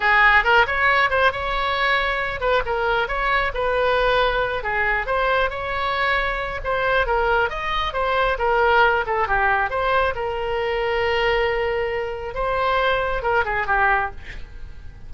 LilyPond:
\new Staff \with { instrumentName = "oboe" } { \time 4/4 \tempo 4 = 136 gis'4 ais'8 cis''4 c''8 cis''4~ | cis''4. b'8 ais'4 cis''4 | b'2~ b'8 gis'4 c''8~ | c''8 cis''2~ cis''8 c''4 |
ais'4 dis''4 c''4 ais'4~ | ais'8 a'8 g'4 c''4 ais'4~ | ais'1 | c''2 ais'8 gis'8 g'4 | }